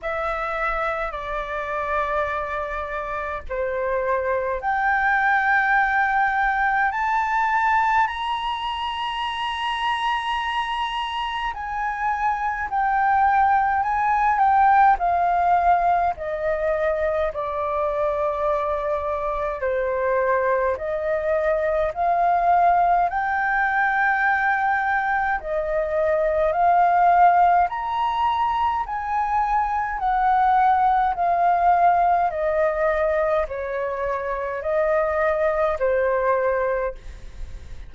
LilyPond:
\new Staff \with { instrumentName = "flute" } { \time 4/4 \tempo 4 = 52 e''4 d''2 c''4 | g''2 a''4 ais''4~ | ais''2 gis''4 g''4 | gis''8 g''8 f''4 dis''4 d''4~ |
d''4 c''4 dis''4 f''4 | g''2 dis''4 f''4 | ais''4 gis''4 fis''4 f''4 | dis''4 cis''4 dis''4 c''4 | }